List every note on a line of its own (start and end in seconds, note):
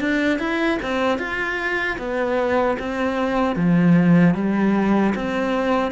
0.00 0.39 D4
0.39 0.78 E4
0.82 1.18 C4
1.18 1.97 F4
1.98 2.77 B3
2.79 3.56 C4
3.56 4.35 F3
4.35 5.14 G3
5.15 5.91 C4